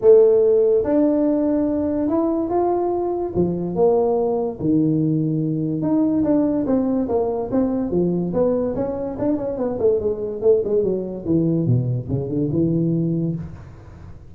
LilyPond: \new Staff \with { instrumentName = "tuba" } { \time 4/4 \tempo 4 = 144 a2 d'2~ | d'4 e'4 f'2 | f4 ais2 dis4~ | dis2 dis'4 d'4 |
c'4 ais4 c'4 f4 | b4 cis'4 d'8 cis'8 b8 a8 | gis4 a8 gis8 fis4 e4 | b,4 cis8 d8 e2 | }